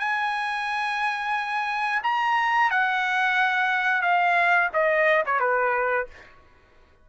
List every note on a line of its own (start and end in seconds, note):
0.00 2.02 G#5
2.03 2.71 A#5
2.71 4.02 F#5
4.02 4.69 F5
4.74 5.24 D#5
5.26 5.40 C#5
5.40 6.07 B4